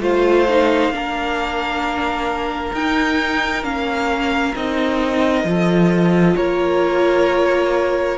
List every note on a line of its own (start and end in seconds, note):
0.00 0.90 A3
0.00 0.46 F4
0.00 0.93 C5
0.00 2.74 F5
0.49 0.92 D#4
0.90 2.71 A#3
0.90 2.74 D4
0.96 5.48 A#4
2.73 3.63 D#4
2.73 3.64 G5
3.63 4.54 A#3
3.63 4.54 C#4
3.63 4.55 F5
4.55 5.44 C4
4.55 5.46 D#4
4.55 6.36 D#5
5.44 6.35 F3
5.44 8.18 F4
5.44 6.37 A4
6.36 8.18 A#3
6.36 8.18 A#4
6.36 8.18 C#5